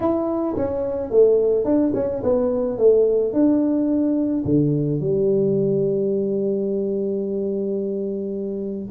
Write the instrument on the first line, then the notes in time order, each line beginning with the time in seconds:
tuba
0.00 E4
0.56 C#4
1.10 A3
1.64 D4
1.94 C#4
2.23 B3
2.78 A3
3.33 D4
4.44 D3
5.00 G3